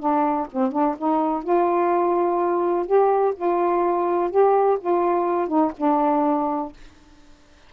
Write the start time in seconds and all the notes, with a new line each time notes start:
0.00 D4
0.53 C4
0.72 D4
0.98 D#4
1.44 F4
2.87 G4
3.36 F4
4.31 G4
4.81 F4
5.48 D#4
5.78 D4